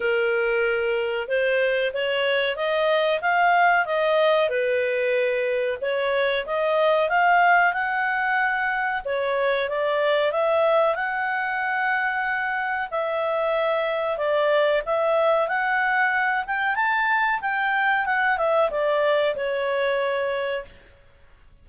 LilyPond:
\new Staff \with { instrumentName = "clarinet" } { \time 4/4 \tempo 4 = 93 ais'2 c''4 cis''4 | dis''4 f''4 dis''4 b'4~ | b'4 cis''4 dis''4 f''4 | fis''2 cis''4 d''4 |
e''4 fis''2. | e''2 d''4 e''4 | fis''4. g''8 a''4 g''4 | fis''8 e''8 d''4 cis''2 | }